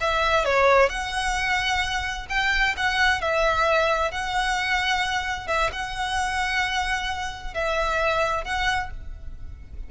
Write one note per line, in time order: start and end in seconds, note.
0.00 0.44 E5
0.44 0.89 C#5
0.89 2.26 F#5
2.29 2.75 G5
2.76 3.21 F#5
3.21 4.11 E5
4.11 5.47 F#5
5.47 5.70 E5
5.72 7.53 F#5
7.53 8.44 E5
8.44 8.90 F#5